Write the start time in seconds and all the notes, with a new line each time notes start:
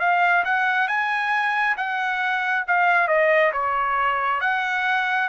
0.00 F5
0.45 F#5
0.88 G#5
1.77 F#5
2.68 F5
3.08 D#5
3.53 C#5
4.41 F#5